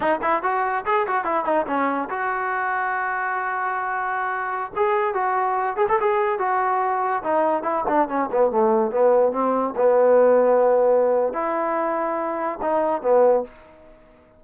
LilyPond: \new Staff \with { instrumentName = "trombone" } { \time 4/4 \tempo 4 = 143 dis'8 e'8 fis'4 gis'8 fis'8 e'8 dis'8 | cis'4 fis'2.~ | fis'2.~ fis'16 gis'8.~ | gis'16 fis'4. gis'16 a'16 gis'4 fis'8.~ |
fis'4~ fis'16 dis'4 e'8 d'8 cis'8 b16~ | b16 a4 b4 c'4 b8.~ | b2. e'4~ | e'2 dis'4 b4 | }